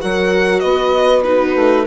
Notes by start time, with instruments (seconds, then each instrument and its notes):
0.00 bassoon F#3, viola F#4, horn A#4, violin F#5
0.59 bassoon B3, horn B4, violin D#5
1.23 viola D#4, horn F#4, violin B4
1.55 bassoon A3